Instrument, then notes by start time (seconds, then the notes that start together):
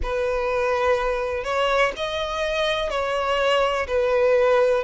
violin
0.02 B4
1.44 C#5
1.96 D#5
2.90 C#5
3.87 B4